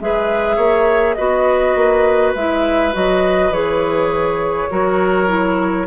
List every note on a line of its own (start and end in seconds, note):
0.00 0.57 G#3
0.00 1.17 G#4
0.00 0.56 B4
0.00 1.14 E5
0.56 1.15 A#3
0.56 1.15 C#5
1.14 1.75 B3
1.14 2.35 F#4
1.14 4.70 B4
1.14 2.32 D#5
1.75 2.34 A#3
2.35 2.93 G#3
2.35 2.92 E4
2.35 2.94 E5
2.92 3.50 F#3
2.92 3.51 F#4
2.92 3.53 D#5
3.50 4.67 E3
3.50 4.70 G#4
3.50 5.87 C#5
4.70 5.87 F#3
4.70 5.27 F#4
4.70 5.87 A#4
5.27 5.86 E4